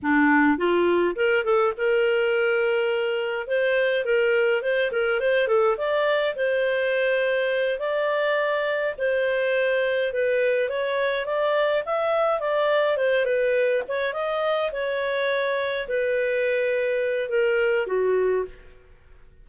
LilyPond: \new Staff \with { instrumentName = "clarinet" } { \time 4/4 \tempo 4 = 104 d'4 f'4 ais'8 a'8 ais'4~ | ais'2 c''4 ais'4 | c''8 ais'8 c''8 a'8 d''4 c''4~ | c''4. d''2 c''8~ |
c''4. b'4 cis''4 d''8~ | d''8 e''4 d''4 c''8 b'4 | cis''8 dis''4 cis''2 b'8~ | b'2 ais'4 fis'4 | }